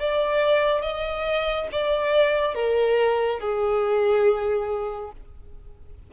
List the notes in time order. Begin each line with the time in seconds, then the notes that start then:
0.00 D5
0.82 D#5
1.72 D5
2.55 A#4
3.41 G#4